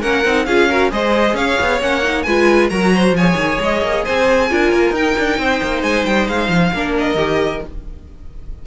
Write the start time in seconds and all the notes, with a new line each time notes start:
0.00 A#3 C#4 A#4 F#5
0.25 C4 D#4
0.45 C#4 F4 G#4 F5
0.68 F#4 A#4
0.90 G#3 G#4 C5 D#5
1.33 C#4 C#5 F5
1.60 B3
1.81 A#3 C#4 F#5
2.02 D#4
2.23 G#3 F4 B4 G#5
2.70 F#3 F#4 A#4 A#5
2.95 C5
3.12 F3 C#5 G#5
3.19 G#4
3.35 D#3
3.60 G#3 D#5
3.82 A#3
4.04 C4 C5 G#5
4.50 D4 F4 A#4
4.72 A#3
4.90 D#4 G5
5.18 D4
5.38 C4 C5
5.62 A#3
5.83 G#3 G#5
6.05 G3 G5
6.28 G#3 F5
6.48 F3
6.73 A#3 D4 A#4
6.99 D#5
7.14 D#3 G4